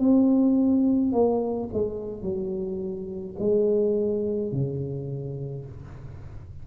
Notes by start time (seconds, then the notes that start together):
0.00 C4
1.13 A#3
1.74 G#3
2.23 F#3
3.40 G#3
4.52 C#3